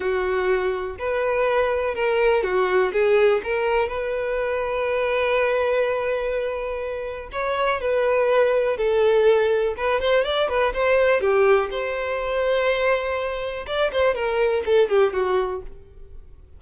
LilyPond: \new Staff \with { instrumentName = "violin" } { \time 4/4 \tempo 4 = 123 fis'2 b'2 | ais'4 fis'4 gis'4 ais'4 | b'1~ | b'2. cis''4 |
b'2 a'2 | b'8 c''8 d''8 b'8 c''4 g'4 | c''1 | d''8 c''8 ais'4 a'8 g'8 fis'4 | }